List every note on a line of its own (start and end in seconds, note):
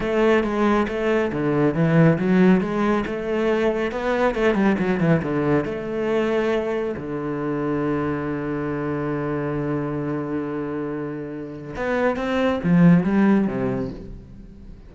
0.00 0.43 A3
0.43 0.87 G#3
0.88 1.31 A3
1.32 1.74 D3
1.74 2.17 E3
2.18 2.60 F#3
2.60 3.04 G#3
3.06 3.91 A3
3.91 4.34 B3
4.34 4.54 A3
4.54 4.76 G3
4.78 5.00 F#3
5.00 5.21 E3
5.22 5.64 D3
5.64 6.95 A3
6.96 11.75 D3
11.75 12.16 B3
12.16 12.60 C4
12.63 13.03 F3
13.03 13.47 G3
13.47 13.90 C3